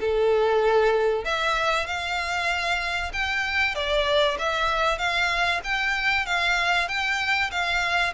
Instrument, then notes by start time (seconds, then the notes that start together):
violin
0.00 A4
1.24 E5
1.86 F5
3.12 G5
3.75 D5
4.38 E5
4.98 F5
5.63 G5
6.26 F5
6.88 G5
7.51 F5